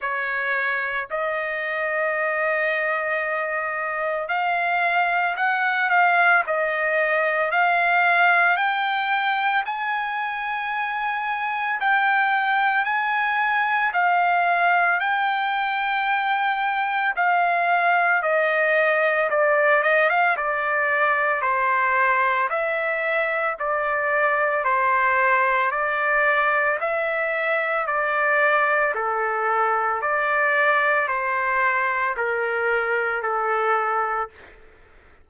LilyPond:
\new Staff \with { instrumentName = "trumpet" } { \time 4/4 \tempo 4 = 56 cis''4 dis''2. | f''4 fis''8 f''8 dis''4 f''4 | g''4 gis''2 g''4 | gis''4 f''4 g''2 |
f''4 dis''4 d''8 dis''16 f''16 d''4 | c''4 e''4 d''4 c''4 | d''4 e''4 d''4 a'4 | d''4 c''4 ais'4 a'4 | }